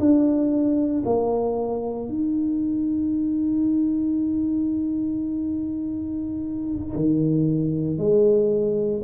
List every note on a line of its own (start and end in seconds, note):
0.00 1.03 D4
1.05 2.08 A#3
2.08 6.95 D#4
6.95 7.98 D#3
7.98 9.01 G#3